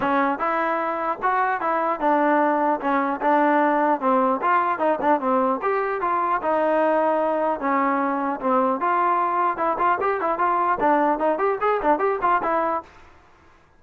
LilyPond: \new Staff \with { instrumentName = "trombone" } { \time 4/4 \tempo 4 = 150 cis'4 e'2 fis'4 | e'4 d'2 cis'4 | d'2 c'4 f'4 | dis'8 d'8 c'4 g'4 f'4 |
dis'2. cis'4~ | cis'4 c'4 f'2 | e'8 f'8 g'8 e'8 f'4 d'4 | dis'8 g'8 gis'8 d'8 g'8 f'8 e'4 | }